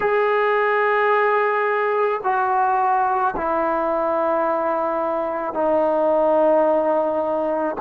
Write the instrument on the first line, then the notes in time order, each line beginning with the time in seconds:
trombone
0.00 G#4
2.23 F#4
3.36 E4
5.53 D#4